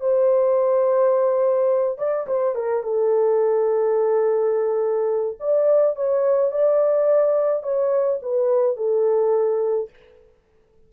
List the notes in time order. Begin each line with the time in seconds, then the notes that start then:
0.00 C5
1.98 D5
2.27 C5
2.55 A#4
2.83 A4
5.40 D5
5.96 C#5
6.51 D5
7.63 C#5
8.22 B4
8.76 A4